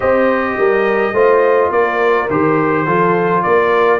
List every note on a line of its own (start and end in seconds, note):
0.00 0.57 C4
0.00 1.14 G4
0.00 0.57 C5
0.00 1.71 D#5
0.57 1.12 G3
0.57 1.13 A#4
1.12 1.70 A3
1.12 2.28 F4
1.12 1.70 C5
1.70 2.27 A#3
1.70 2.85 A#4
1.70 2.28 D5
2.30 2.86 D#3
2.30 2.86 G4
2.30 3.42 C5
2.85 3.43 F3
2.85 3.99 F4
2.85 3.42 A4
3.42 3.99 A#3
3.42 3.99 A#4
3.42 3.99 D5